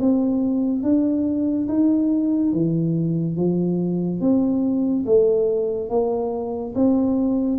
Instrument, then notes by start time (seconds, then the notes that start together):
tuba
0.00 C4
0.83 D4
1.68 D#4
2.53 E3
3.37 F3
4.21 C4
5.06 A3
5.90 A#3
6.75 C4